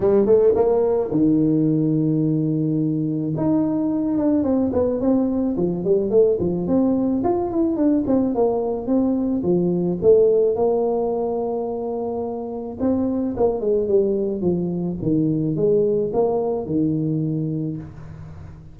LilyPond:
\new Staff \with { instrumentName = "tuba" } { \time 4/4 \tempo 4 = 108 g8 a8 ais4 dis2~ | dis2 dis'4. d'8 | c'8 b8 c'4 f8 g8 a8 f8 | c'4 f'8 e'8 d'8 c'8 ais4 |
c'4 f4 a4 ais4~ | ais2. c'4 | ais8 gis8 g4 f4 dis4 | gis4 ais4 dis2 | }